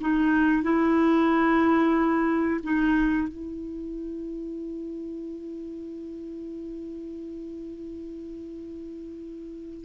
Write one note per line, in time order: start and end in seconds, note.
0.00 0.62 D#4
0.62 2.60 E4
2.63 3.28 D#4
3.28 9.84 E4